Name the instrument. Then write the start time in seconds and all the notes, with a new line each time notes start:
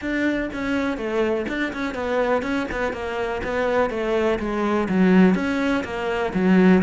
cello
0.01 D4
0.53 C#4
0.97 A3
1.48 D4
1.73 C#4
1.94 B3
2.42 C#4
2.71 B3
2.92 A#3
3.43 B3
3.90 A3
4.39 G#3
4.88 F#3
5.34 C#4
5.84 A#3
6.33 F#3